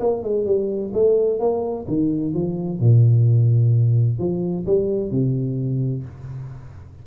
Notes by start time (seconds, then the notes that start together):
0.00 A#3
0.23 G#3
0.46 G3
0.94 A3
1.40 A#3
1.88 D#3
2.34 F3
2.80 A#2
4.19 F3
4.66 G3
5.11 C3